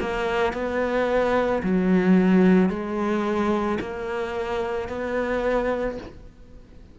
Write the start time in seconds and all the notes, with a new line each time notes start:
0.00 A#3
0.53 B3
1.63 F#3
2.69 G#3
3.80 A#3
4.88 B3